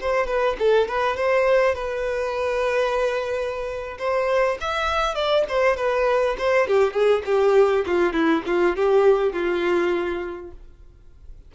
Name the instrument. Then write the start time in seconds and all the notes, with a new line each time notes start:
violin
0.00 C5
0.27 B4
0.59 A4
0.88 B4
1.16 C5
1.75 B4
3.98 C5
4.60 E5
5.14 D5
5.48 C5
5.77 B4
6.38 C5
6.67 G4
6.93 G#4
7.25 G4
7.86 F4
8.13 E4
8.46 F4
8.76 G4
9.32 F4